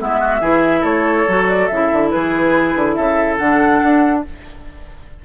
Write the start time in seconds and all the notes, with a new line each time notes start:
0.00 G#3 B3 E4 E5
0.20 F#4
0.41 E3 E4 G#4
0.81 A3 A4 C#5
1.28 F#3 F#4
1.48 D5
1.67 C#3 E4 E5
1.92 D3
2.10 E3 G#4 B4
2.76 D3
2.94 C#3 A4 E5
3.38 D3 D4 F#5
3.83 D4